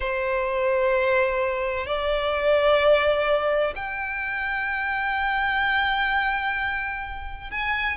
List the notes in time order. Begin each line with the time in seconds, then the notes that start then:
0.00 C5
1.86 D5
3.75 G5
7.50 G#5